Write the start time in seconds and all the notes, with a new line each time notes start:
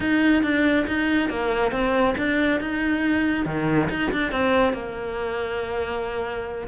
0.00 D#4
0.42 D4
0.87 D#4
1.29 A#3
1.71 C4
2.17 D4
2.60 D#4
3.45 D#3
3.90 D#4
4.12 D4
4.31 C4
4.73 A#3